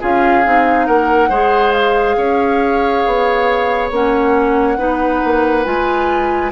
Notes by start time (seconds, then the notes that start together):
0.00 C#4 F4 G#4 F5
0.44 C4 D#4
0.86 A#3 A#4 F#5
1.29 G#3 G#4 C5
1.72 F5
2.16 C#4 C#5
3.06 B3
3.90 A#3 C#4 F#5
4.77 B3 D#4 B4
5.24 A#3
5.64 G#3 F4 G#5